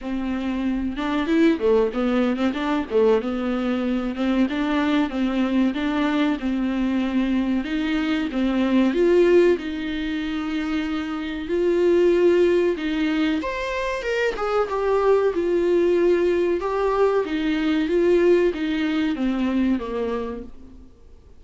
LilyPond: \new Staff \with { instrumentName = "viola" } { \time 4/4 \tempo 4 = 94 c'4. d'8 e'8 a8 b8. c'16 | d'8 a8 b4. c'8 d'4 | c'4 d'4 c'2 | dis'4 c'4 f'4 dis'4~ |
dis'2 f'2 | dis'4 c''4 ais'8 gis'8 g'4 | f'2 g'4 dis'4 | f'4 dis'4 c'4 ais4 | }